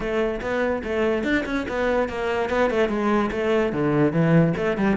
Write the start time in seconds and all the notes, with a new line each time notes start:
0.00 A3
0.41 B3
0.83 A3
1.23 D4
1.45 C#4
1.68 B3
2.08 A#3
2.49 B3
2.70 A3
2.89 G#3
3.31 A3
3.72 D3
4.12 E3
4.56 A3
4.77 G3